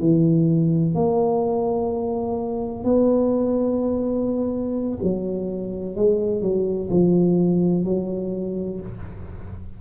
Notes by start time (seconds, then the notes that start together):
0.00 E3
0.95 A#3
2.84 B3
5.03 F#3
5.96 G#3
6.42 F#3
6.91 F3
7.85 F#3